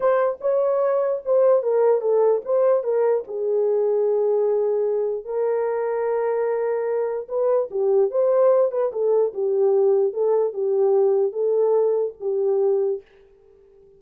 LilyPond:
\new Staff \with { instrumentName = "horn" } { \time 4/4 \tempo 4 = 148 c''4 cis''2 c''4 | ais'4 a'4 c''4 ais'4 | gis'1~ | gis'4 ais'2.~ |
ais'2 b'4 g'4 | c''4. b'8 a'4 g'4~ | g'4 a'4 g'2 | a'2 g'2 | }